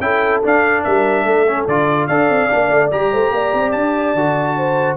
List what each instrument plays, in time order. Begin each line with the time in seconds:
0.00 tuba C#4, trombone E4, horn A4, trumpet G5
0.43 trombone D4, tuba D4, trumpet F5
0.83 tuba G3, horn A#4, trumpet E5
1.25 tuba A3, horn A4
1.48 trombone C#4
1.67 tuba D3, trombone F4, trumpet D5
2.08 tuba D4, trombone A4, horn D5, trumpet F5
2.29 tuba C4
2.50 tuba A#3, trombone D4
2.70 tuba A3
2.91 tuba G3, trombone G4, trumpet A#5
3.11 tuba A3, horn C5
3.32 tuba A#3, horn D5
3.53 tuba C4
3.72 tuba D4, trumpet A5
4.14 tuba D3, trombone F#4
4.57 horn C5